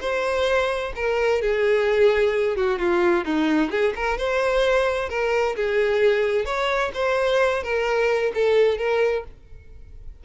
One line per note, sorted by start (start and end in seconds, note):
0.00 0.92 C5
0.95 1.41 A#4
1.41 2.56 G#4
2.56 2.79 F#4
2.79 3.25 F4
3.25 3.70 D#4
3.70 3.93 G#4
3.95 4.17 A#4
4.17 5.09 C5
5.09 5.55 A#4
5.56 6.45 G#4
6.45 6.91 C#5
6.94 7.63 C5
7.63 8.32 A#4
8.34 8.78 A4
8.78 9.24 A#4